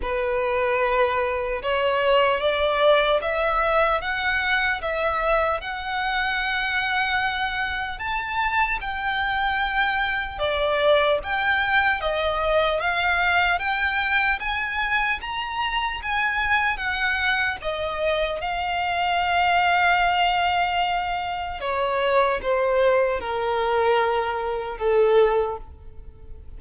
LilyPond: \new Staff \with { instrumentName = "violin" } { \time 4/4 \tempo 4 = 75 b'2 cis''4 d''4 | e''4 fis''4 e''4 fis''4~ | fis''2 a''4 g''4~ | g''4 d''4 g''4 dis''4 |
f''4 g''4 gis''4 ais''4 | gis''4 fis''4 dis''4 f''4~ | f''2. cis''4 | c''4 ais'2 a'4 | }